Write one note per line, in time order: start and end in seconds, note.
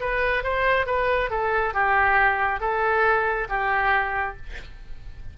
0.00 0.43 B4
0.43 0.86 C5
0.86 1.30 B4
1.30 1.74 A4
1.74 2.60 G4
2.60 3.47 A4
3.49 4.36 G4